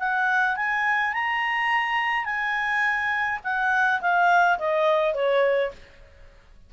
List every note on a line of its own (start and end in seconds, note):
0.00 0.57 F#5
0.57 1.14 G#5
1.14 2.26 A#5
2.26 3.40 G#5
3.44 4.01 F#5
4.02 4.59 F5
4.59 5.15 D#5
5.15 5.72 C#5